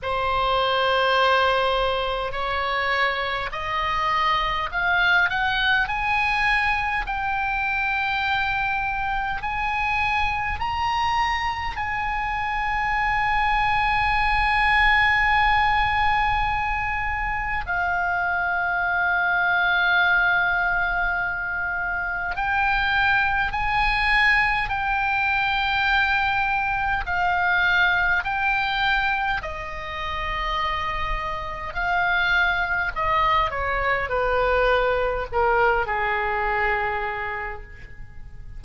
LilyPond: \new Staff \with { instrumentName = "oboe" } { \time 4/4 \tempo 4 = 51 c''2 cis''4 dis''4 | f''8 fis''8 gis''4 g''2 | gis''4 ais''4 gis''2~ | gis''2. f''4~ |
f''2. g''4 | gis''4 g''2 f''4 | g''4 dis''2 f''4 | dis''8 cis''8 b'4 ais'8 gis'4. | }